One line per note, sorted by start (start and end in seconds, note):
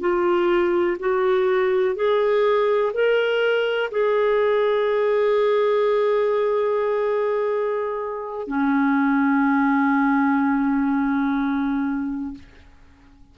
0.00 0.97 F4
0.99 1.95 F#4
1.95 2.92 G#4
2.93 3.90 A#4
3.91 8.47 G#4
8.47 12.34 C#4